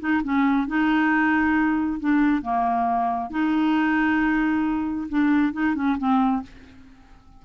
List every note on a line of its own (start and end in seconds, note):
0.00 0.22 D#4
0.23 0.67 C#4
0.67 2.00 D#4
2.00 2.42 D4
2.42 3.30 A#3
3.30 5.08 D#4
5.09 5.53 D4
5.53 5.75 D#4
5.75 5.97 C#4
5.98 6.43 C4